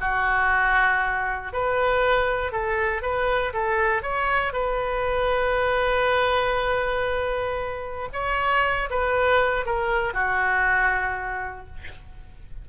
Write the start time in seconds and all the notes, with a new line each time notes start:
0.00 F#4
1.53 B4
2.52 A4
3.02 B4
3.53 A4
4.02 C#5
4.53 B4
8.12 C#5
8.90 B4
9.65 A#4
10.13 F#4